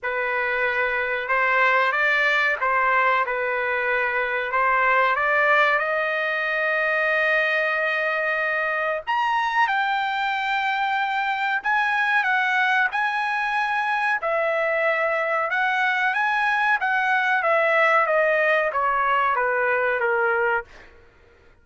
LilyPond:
\new Staff \with { instrumentName = "trumpet" } { \time 4/4 \tempo 4 = 93 b'2 c''4 d''4 | c''4 b'2 c''4 | d''4 dis''2.~ | dis''2 ais''4 g''4~ |
g''2 gis''4 fis''4 | gis''2 e''2 | fis''4 gis''4 fis''4 e''4 | dis''4 cis''4 b'4 ais'4 | }